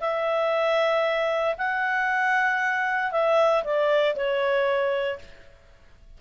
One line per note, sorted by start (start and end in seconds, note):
0.00 1.55 E5
1.58 3.12 F#5
3.12 3.63 E5
3.64 4.15 D5
4.15 5.19 C#5